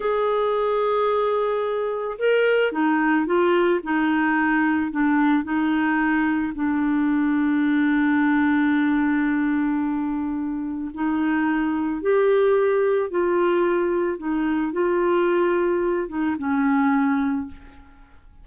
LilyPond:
\new Staff \with { instrumentName = "clarinet" } { \time 4/4 \tempo 4 = 110 gis'1 | ais'4 dis'4 f'4 dis'4~ | dis'4 d'4 dis'2 | d'1~ |
d'1 | dis'2 g'2 | f'2 dis'4 f'4~ | f'4. dis'8 cis'2 | }